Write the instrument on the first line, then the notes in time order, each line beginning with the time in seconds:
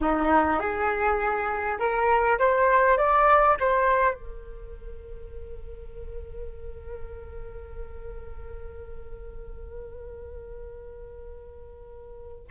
flute
0.00 D#4
0.59 G#4
1.79 A#4
2.38 C5
2.97 D5
3.59 C5
4.14 A#4